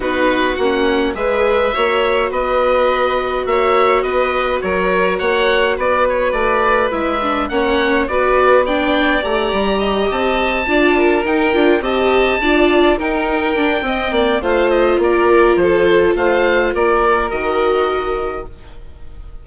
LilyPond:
<<
  \new Staff \with { instrumentName = "oboe" } { \time 4/4 \tempo 4 = 104 b'4 fis''4 e''2 | dis''2 e''4 dis''4 | cis''4 fis''4 d''8 cis''8 d''4 | e''4 fis''4 d''4 g''4 |
ais''4. a''2 g''8~ | g''8 a''2 g''4.~ | g''4 f''8 dis''8 d''4 c''4 | f''4 d''4 dis''2 | }
  \new Staff \with { instrumentName = "violin" } { \time 4/4 fis'2 b'4 cis''4 | b'2 cis''4 b'4 | ais'4 cis''4 b'2~ | b'4 cis''4 b'4 d''4~ |
d''4 dis''4. d''8 ais'4~ | ais'8 dis''4 d''4 ais'4. | dis''8 d''8 c''4 ais'4 a'4 | c''4 ais'2. | }
  \new Staff \with { instrumentName = "viola" } { \time 4/4 dis'4 cis'4 gis'4 fis'4~ | fis'1~ | fis'1 | e'8 d'8 cis'4 fis'4 d'4 |
g'2~ g'8 f'4 dis'8 | f'8 g'4 f'4 dis'4 d'8 | c'4 f'2.~ | f'2 fis'2 | }
  \new Staff \with { instrumentName = "bassoon" } { \time 4/4 b4 ais4 gis4 ais4 | b2 ais4 b4 | fis4 ais4 b4 a4 | gis4 ais4 b2 |
a8 g4 c'4 d'4 dis'8 | d'8 c'4 d'4 dis'4 d'8 | c'8 ais8 a4 ais4 f4 | a4 ais4 dis2 | }
>>